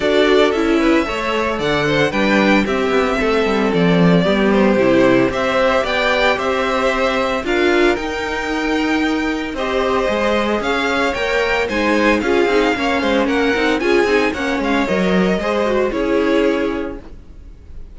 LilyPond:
<<
  \new Staff \with { instrumentName = "violin" } { \time 4/4 \tempo 4 = 113 d''4 e''2 fis''4 | g''4 e''2 d''4~ | d''8 c''4. e''4 g''4 | e''2 f''4 g''4~ |
g''2 dis''2 | f''4 g''4 gis''4 f''4~ | f''4 fis''4 gis''4 fis''8 f''8 | dis''2 cis''2 | }
  \new Staff \with { instrumentName = "violin" } { \time 4/4 a'4. b'8 cis''4 d''8 c''8 | b'4 g'4 a'2 | g'2 c''4 d''4 | c''2 ais'2~ |
ais'2 c''2 | cis''2 c''4 gis'4 | cis''8 c''8 ais'4 gis'4 cis''4~ | cis''4 c''4 gis'2 | }
  \new Staff \with { instrumentName = "viola" } { \time 4/4 fis'4 e'4 a'2 | d'4 c'2. | b4 e'4 g'2~ | g'2 f'4 dis'4~ |
dis'2 g'4 gis'4~ | gis'4 ais'4 dis'4 f'8 dis'8 | cis'4. dis'8 f'8 dis'8 cis'4 | ais'4 gis'8 fis'8 e'2 | }
  \new Staff \with { instrumentName = "cello" } { \time 4/4 d'4 cis'4 a4 d4 | g4 c'8 b8 a8 g8 f4 | g4 c4 c'4 b4 | c'2 d'4 dis'4~ |
dis'2 c'4 gis4 | cis'4 ais4 gis4 cis'8 c'8 | ais8 gis8 ais8 c'8 cis'8 c'8 ais8 gis8 | fis4 gis4 cis'2 | }
>>